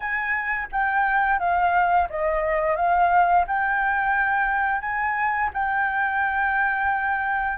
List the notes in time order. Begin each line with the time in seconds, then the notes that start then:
0.00 G#5
0.71 G5
1.39 F5
2.09 D#5
2.76 F5
3.47 G5
4.81 G#5
5.53 G5